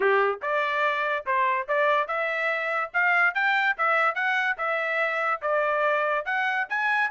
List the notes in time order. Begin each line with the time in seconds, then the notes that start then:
0.00 G4
0.42 D5
1.26 C5
1.68 D5
2.07 E5
2.93 F5
3.34 G5
3.77 E5
4.14 F#5
4.57 E5
5.41 D5
6.25 F#5
6.69 G#5